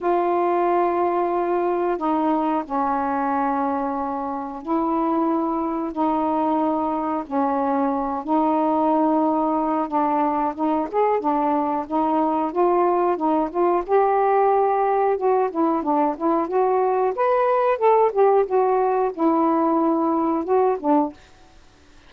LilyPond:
\new Staff \with { instrumentName = "saxophone" } { \time 4/4 \tempo 4 = 91 f'2. dis'4 | cis'2. e'4~ | e'4 dis'2 cis'4~ | cis'8 dis'2~ dis'8 d'4 |
dis'8 gis'8 d'4 dis'4 f'4 | dis'8 f'8 g'2 fis'8 e'8 | d'8 e'8 fis'4 b'4 a'8 g'8 | fis'4 e'2 fis'8 d'8 | }